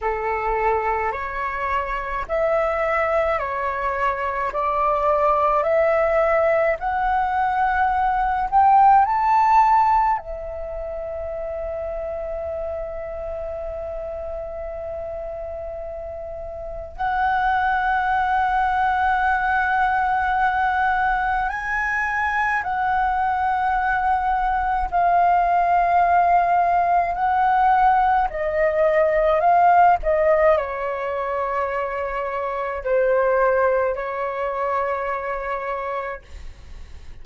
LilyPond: \new Staff \with { instrumentName = "flute" } { \time 4/4 \tempo 4 = 53 a'4 cis''4 e''4 cis''4 | d''4 e''4 fis''4. g''8 | a''4 e''2.~ | e''2. fis''4~ |
fis''2. gis''4 | fis''2 f''2 | fis''4 dis''4 f''8 dis''8 cis''4~ | cis''4 c''4 cis''2 | }